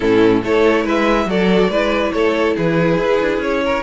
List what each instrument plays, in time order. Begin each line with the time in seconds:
0.00 cello A2, viola C#4, violin E4 A4
0.43 cello A3, viola E4, violin A4 C#5
0.84 cello G#3, violin B4 E5
1.25 cello F#3, viola F#4, violin A4 D5
1.69 cello G#3, viola E4, violin B4
2.12 cello A3, violin A4 C#5
2.55 cello E3, violin G#4 B4
2.97 cello E4
3.20 cello D4
3.38 cello C#4, violin C#5
3.64 violin A#4